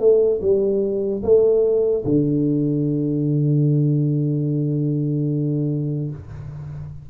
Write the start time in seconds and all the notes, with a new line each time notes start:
0.00 A3
0.42 G3
1.23 A3
2.05 D3